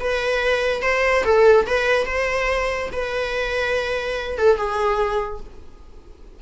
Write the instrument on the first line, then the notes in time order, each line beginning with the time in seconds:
viola
0.00 B4
0.82 C5
1.25 A4
1.66 B4
2.06 C5
2.92 B4
4.38 A4
4.57 G#4